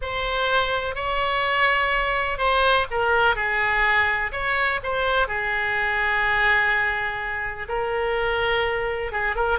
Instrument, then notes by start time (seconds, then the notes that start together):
oboe
0.01 C5
0.95 C#5
2.38 C5
2.90 A#4
3.35 G#4
4.32 C#5
4.83 C5
5.27 G#4
7.68 A#4
9.12 G#4
9.35 A#4